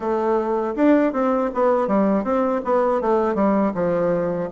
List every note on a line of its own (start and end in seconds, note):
0.00 0.74 A3
0.76 1.12 D4
1.12 1.50 C4
1.53 1.88 B3
1.88 2.23 G3
2.23 2.61 C4
2.64 3.01 B3
3.01 3.34 A3
3.34 3.72 G3
3.74 4.49 F3